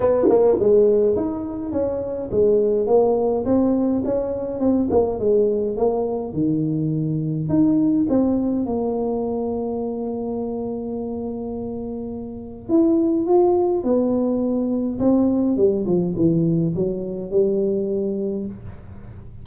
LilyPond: \new Staff \with { instrumentName = "tuba" } { \time 4/4 \tempo 4 = 104 b8 ais8 gis4 dis'4 cis'4 | gis4 ais4 c'4 cis'4 | c'8 ais8 gis4 ais4 dis4~ | dis4 dis'4 c'4 ais4~ |
ais1~ | ais2 e'4 f'4 | b2 c'4 g8 f8 | e4 fis4 g2 | }